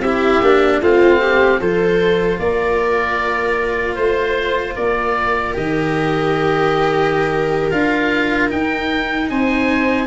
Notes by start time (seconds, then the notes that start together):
0.00 C4 E4 G4 E5
0.42 A#3 D4
0.81 A3 C4 F4 F5
1.21 G4
1.60 F3 F4 A4 C5
2.40 A#3 A#4 D5
3.95 A3 C5
4.76 A#3 A#4 D5
5.54 D#3 G4 D#5
7.71 D4 F4 F5
8.49 D#4 G5
9.30 C4 C5 G#5